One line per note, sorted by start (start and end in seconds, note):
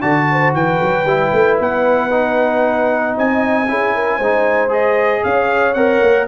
0.00 0.53 D3
0.00 1.06 F#4
0.00 0.26 D5
0.00 0.53 A5
0.31 0.56 C5
0.53 0.79 E3
0.53 3.15 B4
0.53 1.58 G5
0.81 1.04 F#3
1.04 1.31 G3
1.04 2.10 E4
1.32 1.58 A3
1.60 3.16 B3
1.60 3.18 F#5
2.10 3.66 D#4
3.15 3.68 C4
3.15 3.68 D#5
3.15 4.72 G#5
3.68 4.18 C#4
3.68 4.20 E4
3.68 3.94 G#4
3.94 4.17 A#4
4.17 5.23 G#3
4.17 4.68 D#4
4.17 5.22 C5
4.68 5.73 G#4
4.68 5.23 D#5
5.23 5.74 C#4
5.23 6.28 C#5
5.23 5.73 F5
5.73 6.01 C4
5.73 6.28 A#4
5.73 6.26 F#5
6.01 6.27 A#3